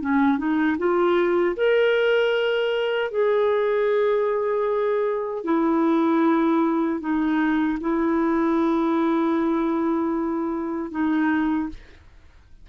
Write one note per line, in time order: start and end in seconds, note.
0.00 0.38 C#4
0.38 0.77 D#4
0.78 1.55 F4
1.56 3.11 A#4
3.11 5.44 G#4
5.44 7.00 E4
7.00 7.78 D#4
7.80 10.91 E4
10.91 11.68 D#4